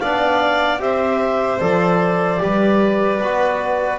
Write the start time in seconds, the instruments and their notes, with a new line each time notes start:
0.00 double bass B3, trombone D4, violin D5, clarinet F5
0.79 double bass C4, trombone G4, violin C5, clarinet E5
1.60 double bass F3, trombone A4, clarinet D5
2.38 double bass G3, trombone G4, violin B4
3.21 double bass B3, trombone F#4